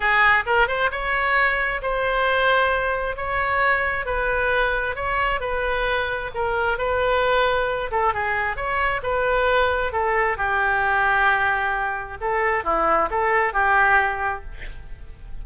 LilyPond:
\new Staff \with { instrumentName = "oboe" } { \time 4/4 \tempo 4 = 133 gis'4 ais'8 c''8 cis''2 | c''2. cis''4~ | cis''4 b'2 cis''4 | b'2 ais'4 b'4~ |
b'4. a'8 gis'4 cis''4 | b'2 a'4 g'4~ | g'2. a'4 | e'4 a'4 g'2 | }